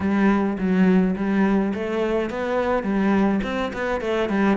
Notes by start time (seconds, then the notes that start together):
0.00 G3
0.58 F#3
1.16 G3
1.74 A3
2.29 B3
2.83 G3
3.43 C4
3.73 B3
4.00 A3
4.29 G3